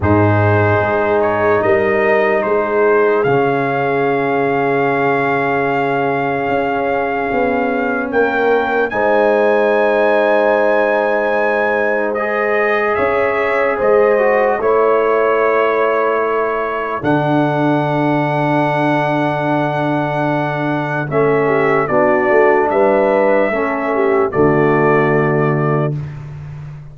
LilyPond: <<
  \new Staff \with { instrumentName = "trumpet" } { \time 4/4 \tempo 4 = 74 c''4. cis''8 dis''4 c''4 | f''1~ | f''2 g''4 gis''4~ | gis''2. dis''4 |
e''4 dis''4 cis''2~ | cis''4 fis''2.~ | fis''2 e''4 d''4 | e''2 d''2 | }
  \new Staff \with { instrumentName = "horn" } { \time 4/4 gis'2 ais'4 gis'4~ | gis'1~ | gis'2 ais'4 c''4~ | c''1 |
cis''4 c''4 cis''2 | a'1~ | a'2~ a'8 g'8 fis'4 | b'4 a'8 g'8 fis'2 | }
  \new Staff \with { instrumentName = "trombone" } { \time 4/4 dis'1 | cis'1~ | cis'2. dis'4~ | dis'2. gis'4~ |
gis'4. fis'8 e'2~ | e'4 d'2.~ | d'2 cis'4 d'4~ | d'4 cis'4 a2 | }
  \new Staff \with { instrumentName = "tuba" } { \time 4/4 gis,4 gis4 g4 gis4 | cis1 | cis'4 b4 ais4 gis4~ | gis1 |
cis'4 gis4 a2~ | a4 d2.~ | d2 a4 b8 a8 | g4 a4 d2 | }
>>